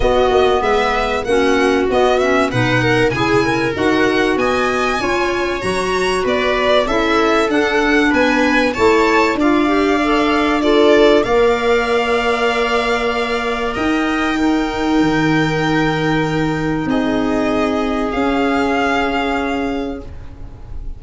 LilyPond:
<<
  \new Staff \with { instrumentName = "violin" } { \time 4/4 \tempo 4 = 96 dis''4 e''4 fis''4 dis''8 e''8 | fis''4 gis''4 fis''4 gis''4~ | gis''4 ais''4 d''4 e''4 | fis''4 gis''4 a''4 f''4~ |
f''4 d''4 f''2~ | f''2 g''2~ | g''2. dis''4~ | dis''4 f''2. | }
  \new Staff \with { instrumentName = "viola" } { \time 4/4 fis'4 b'4 fis'2 | b'8 ais'8 gis'8 ais'4. dis''4 | cis''2 b'4 a'4~ | a'4 b'4 cis''4 d''4~ |
d''4 a'4 d''2~ | d''2 dis''4 ais'4~ | ais'2. gis'4~ | gis'1 | }
  \new Staff \with { instrumentName = "clarinet" } { \time 4/4 b2 cis'4 b8 cis'8 | dis'4 e'4 fis'2 | f'4 fis'2 e'4 | d'2 e'4 f'8 g'8 |
a'4 f'4 ais'2~ | ais'2. dis'4~ | dis'1~ | dis'4 cis'2. | }
  \new Staff \with { instrumentName = "tuba" } { \time 4/4 b8 ais8 gis4 ais4 b4 | b,4 cis4 dis'4 b4 | cis'4 fis4 b4 cis'4 | d'4 b4 a4 d'4~ |
d'2 ais2~ | ais2 dis'2 | dis2. c'4~ | c'4 cis'2. | }
>>